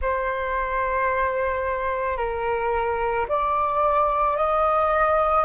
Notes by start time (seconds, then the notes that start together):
0.01 C5
2.17 A#4
3.28 D5
4.36 D#5